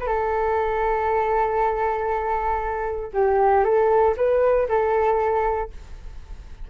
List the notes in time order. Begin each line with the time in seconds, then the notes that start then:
0.00 B4
0.07 A4
3.14 G4
3.64 A4
4.17 B4
4.68 A4